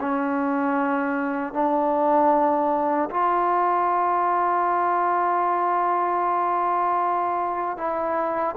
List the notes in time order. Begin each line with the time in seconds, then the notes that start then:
0.00 C#4
1.53 D4
3.10 F4
7.77 E4